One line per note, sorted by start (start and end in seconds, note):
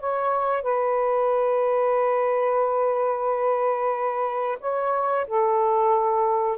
0.00 0.63 C#5
0.63 4.58 B4
4.60 5.26 C#5
5.27 6.58 A4